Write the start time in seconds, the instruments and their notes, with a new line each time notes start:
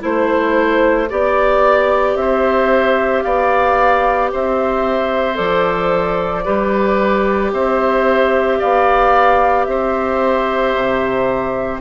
0.00 bassoon A3, clarinet E4, flute C5, oboe C5
1.09 bassoon B3, clarinet G4, oboe D5, flute D5
2.15 bassoon C4, oboe C5, flute E5
3.22 bassoon B3, oboe D5, flute F5
4.32 bassoon C4, oboe C5, flute E5
5.34 bassoon F3, clarinet A4, flute D5
6.44 bassoon G3, clarinet G4, oboe B4
7.53 bassoon C4, oboe C5, flute E5
8.59 bassoon B3, oboe D5, flute F5
9.64 bassoon C4, oboe C5, flute E5
10.75 bassoon C3